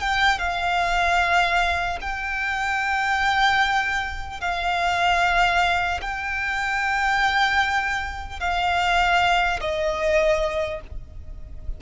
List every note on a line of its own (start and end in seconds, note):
0.00 0.39 G5
0.39 1.99 F5
2.01 4.40 G5
4.40 6.00 F5
6.01 8.40 G5
8.40 9.60 F5
9.60 10.80 D#5